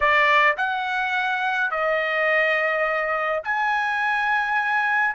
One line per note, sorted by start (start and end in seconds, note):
0.00 0.56 D5
0.57 1.71 F#5
1.71 3.42 D#5
3.44 5.14 G#5